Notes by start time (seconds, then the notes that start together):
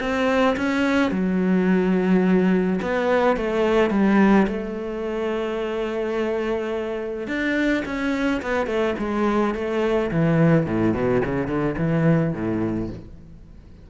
0.00 C4
0.56 C#4
1.11 F#3
2.81 B3
3.36 A3
3.90 G3
4.47 A3
7.27 D4
7.85 C#4
8.42 B3
8.66 A3
8.98 G#3
9.54 A3
10.11 E3
10.66 A2
10.93 B2
11.25 C#3
11.47 D3
11.78 E3
12.33 A2